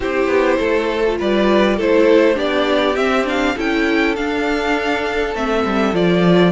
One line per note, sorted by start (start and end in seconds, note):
0.00 0.26 C4
0.00 1.04 E4
0.00 0.58 G4
0.00 1.19 C5
0.26 0.56 B3
0.58 1.19 A3
0.58 1.17 A4
1.06 1.80 F4
1.19 1.78 G3
1.19 1.76 B4
1.19 1.79 D5
1.76 2.37 A3
1.76 2.34 E4
1.76 2.35 A4
1.76 2.38 C5
2.34 2.96 B3
2.34 2.93 D4
2.34 3.54 G4
2.34 2.96 D5
2.96 3.55 C4
2.96 3.25 C4
2.96 3.25 E5
3.25 3.54 D4
3.25 3.58 F5
3.55 4.16 C#4
3.55 4.16 E4
3.55 6.51 A4
3.55 4.15 G5
4.15 5.34 D4
4.15 5.35 D4
4.15 5.34 F5
5.34 5.64 A3
5.34 5.92 C4
5.34 5.95 E5
5.65 5.93 G3
5.92 6.51 F3
5.92 6.51 F4
5.92 6.51 D5